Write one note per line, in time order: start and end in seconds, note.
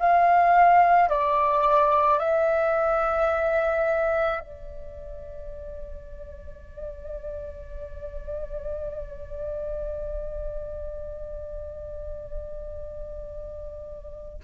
0.00 1.10 F5
1.10 2.19 D5
2.19 4.40 E5
4.40 14.40 D5